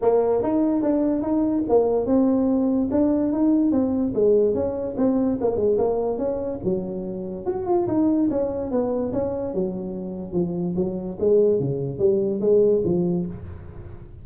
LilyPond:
\new Staff \with { instrumentName = "tuba" } { \time 4/4 \tempo 4 = 145 ais4 dis'4 d'4 dis'4 | ais4 c'2 d'4 | dis'4 c'4 gis4 cis'4 | c'4 ais8 gis8 ais4 cis'4 |
fis2 fis'8 f'8 dis'4 | cis'4 b4 cis'4 fis4~ | fis4 f4 fis4 gis4 | cis4 g4 gis4 f4 | }